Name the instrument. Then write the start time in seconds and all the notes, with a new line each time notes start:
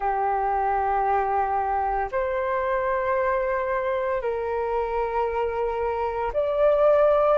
flute
0.00 G4
2.11 C5
4.21 A#4
6.33 D5